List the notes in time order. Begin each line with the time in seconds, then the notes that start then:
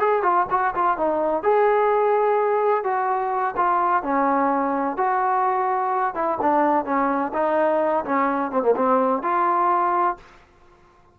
0.00 G#4
0.23 F4
0.51 F#4
0.75 F4
0.98 D#4
1.44 G#4
2.84 F#4
3.57 F4
4.03 C#4
4.97 F#4
6.15 E4
6.42 D4
6.85 C#4
7.34 D#4
8.05 C#4
8.52 C4
8.63 A#3
8.76 C4
9.23 F4